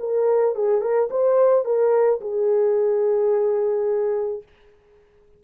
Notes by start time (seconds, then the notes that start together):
0.00 A#4
0.56 G#4
0.81 A#4
1.11 C5
1.65 A#4
2.21 G#4